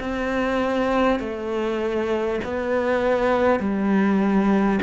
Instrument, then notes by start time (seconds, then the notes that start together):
cello
0.00 C4
1.19 A3
2.43 B3
3.59 G3